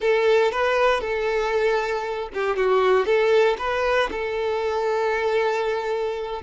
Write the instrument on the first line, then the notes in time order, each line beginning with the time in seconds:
violin
0.00 A4
0.51 B4
1.00 A4
2.33 G4
2.56 F#4
3.05 A4
3.58 B4
4.11 A4